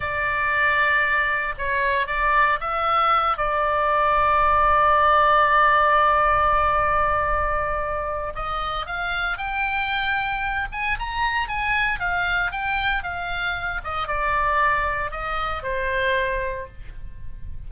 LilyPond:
\new Staff \with { instrumentName = "oboe" } { \time 4/4 \tempo 4 = 115 d''2. cis''4 | d''4 e''4. d''4.~ | d''1~ | d''1 |
dis''4 f''4 g''2~ | g''8 gis''8 ais''4 gis''4 f''4 | g''4 f''4. dis''8 d''4~ | d''4 dis''4 c''2 | }